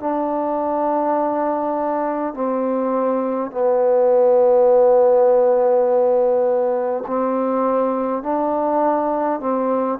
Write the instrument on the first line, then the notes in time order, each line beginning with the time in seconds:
trombone
0.00 D4
2.34 C4
3.51 B3
7.07 C4
8.23 D4
9.40 C4